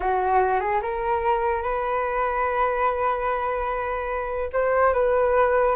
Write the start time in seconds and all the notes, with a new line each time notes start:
0.00 F#4
0.60 G#4
0.81 A#4
1.62 B4
4.52 C5
4.93 B4